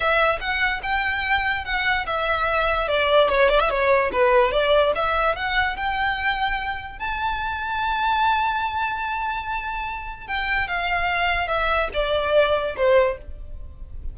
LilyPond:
\new Staff \with { instrumentName = "violin" } { \time 4/4 \tempo 4 = 146 e''4 fis''4 g''2 | fis''4 e''2 d''4 | cis''8 d''16 e''16 cis''4 b'4 d''4 | e''4 fis''4 g''2~ |
g''4 a''2.~ | a''1~ | a''4 g''4 f''2 | e''4 d''2 c''4 | }